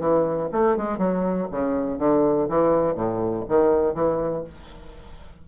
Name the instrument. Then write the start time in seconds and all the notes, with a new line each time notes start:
bassoon
0.00 E3
0.52 A3
0.77 G#3
0.98 F#3
1.52 C#3
1.99 D3
2.49 E3
2.95 A2
3.49 D#3
3.95 E3